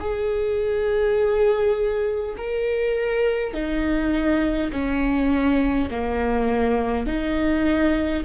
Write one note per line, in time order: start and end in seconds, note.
0.00 2.35 G#4
2.37 3.53 A#4
3.53 4.71 D#4
4.72 5.89 C#4
5.90 7.06 A#3
7.06 8.24 D#4